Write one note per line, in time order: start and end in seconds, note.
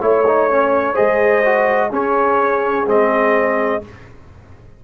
0.00 0.95 A3
0.00 0.24 E4
0.00 0.93 C#5
0.00 0.96 C#5
0.27 0.50 D#4
0.50 0.94 C#4
0.93 1.42 G#4
0.93 1.88 C5
0.93 1.91 D#5
0.99 1.92 G#3
1.45 1.90 F#4
1.90 2.86 C#4
1.90 2.87 C#4
1.90 3.83 G#4
1.90 2.88 C#5
2.86 3.82 G#3
2.86 3.81 C4
2.86 3.84 D#5